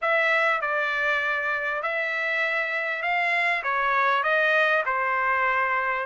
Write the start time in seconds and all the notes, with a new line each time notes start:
0.01 E5
0.61 D5
1.82 E5
3.02 F5
3.63 C#5
4.23 D#5
4.85 C5